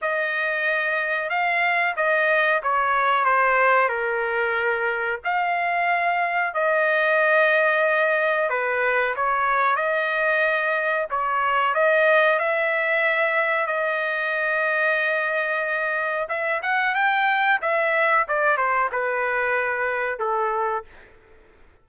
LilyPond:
\new Staff \with { instrumentName = "trumpet" } { \time 4/4 \tempo 4 = 92 dis''2 f''4 dis''4 | cis''4 c''4 ais'2 | f''2 dis''2~ | dis''4 b'4 cis''4 dis''4~ |
dis''4 cis''4 dis''4 e''4~ | e''4 dis''2.~ | dis''4 e''8 fis''8 g''4 e''4 | d''8 c''8 b'2 a'4 | }